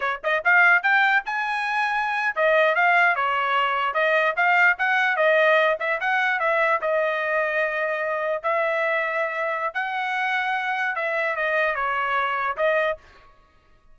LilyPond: \new Staff \with { instrumentName = "trumpet" } { \time 4/4 \tempo 4 = 148 cis''8 dis''8 f''4 g''4 gis''4~ | gis''4.~ gis''16 dis''4 f''4 cis''16~ | cis''4.~ cis''16 dis''4 f''4 fis''16~ | fis''8. dis''4. e''8 fis''4 e''16~ |
e''8. dis''2.~ dis''16~ | dis''8. e''2.~ e''16 | fis''2. e''4 | dis''4 cis''2 dis''4 | }